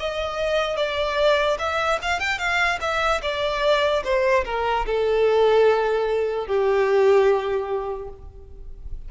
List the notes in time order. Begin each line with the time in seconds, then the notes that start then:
0.00 D#5
0.77 D5
1.59 E5
2.02 F5
2.20 G5
2.39 F5
2.81 E5
3.22 D5
4.04 C5
4.45 A#4
4.86 A4
6.47 G4